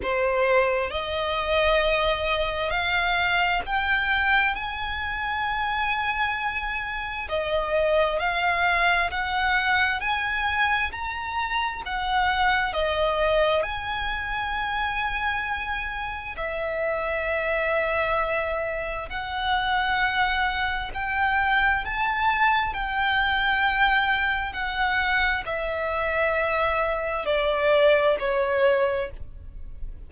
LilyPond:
\new Staff \with { instrumentName = "violin" } { \time 4/4 \tempo 4 = 66 c''4 dis''2 f''4 | g''4 gis''2. | dis''4 f''4 fis''4 gis''4 | ais''4 fis''4 dis''4 gis''4~ |
gis''2 e''2~ | e''4 fis''2 g''4 | a''4 g''2 fis''4 | e''2 d''4 cis''4 | }